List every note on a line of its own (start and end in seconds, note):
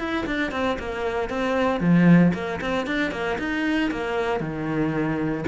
0.00 0.26 E4
0.27 0.52 D4
0.52 0.78 C4
0.80 1.30 A#3
1.30 1.81 C4
1.81 2.33 F3
2.34 2.60 A#3
2.61 2.87 C4
2.87 3.12 D4
3.12 3.38 A#3
3.39 3.91 D#4
3.92 4.41 A#3
4.41 5.45 D#3